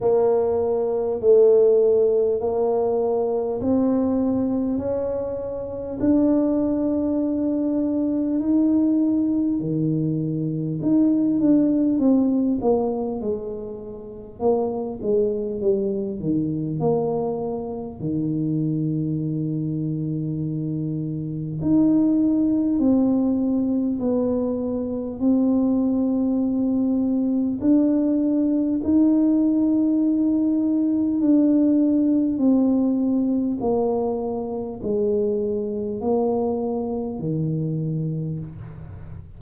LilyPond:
\new Staff \with { instrumentName = "tuba" } { \time 4/4 \tempo 4 = 50 ais4 a4 ais4 c'4 | cis'4 d'2 dis'4 | dis4 dis'8 d'8 c'8 ais8 gis4 | ais8 gis8 g8 dis8 ais4 dis4~ |
dis2 dis'4 c'4 | b4 c'2 d'4 | dis'2 d'4 c'4 | ais4 gis4 ais4 dis4 | }